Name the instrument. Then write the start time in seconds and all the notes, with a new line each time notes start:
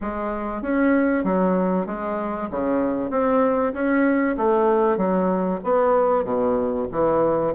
bassoon
0.01 G#3
0.61 C#4
1.24 F#3
1.86 G#3
2.51 C#3
3.10 C4
3.73 C#4
4.37 A3
4.97 F#3
5.64 B3
6.24 B2
6.91 E3